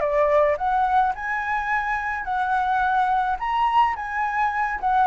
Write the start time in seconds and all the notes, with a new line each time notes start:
0.00 D5
0.57 F#5
1.15 G#5
2.24 F#5
3.39 A#5
3.96 G#5
4.80 F#5